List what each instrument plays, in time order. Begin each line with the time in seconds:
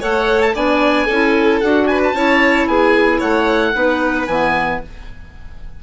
0.00 bassoon A3, clarinet A4, violin C#5, oboe F#5
0.41 oboe A5
0.54 bassoon B3, clarinet D4, violin D5, oboe G#5
1.05 bassoon C#4, clarinet E4, violin A4
1.60 bassoon D4, clarinet F#4, oboe F#5
1.87 violin B4, oboe G#5
2.03 oboe A5
2.13 bassoon C#4, clarinet E4, violin C#5
2.67 bassoon B3, violin G#4, oboe G#5
3.18 bassoon A3, violin C#5, oboe F#5
3.73 bassoon B3, clarinet D#4, violin B4
4.27 bassoon E3, clarinet B3, oboe G#5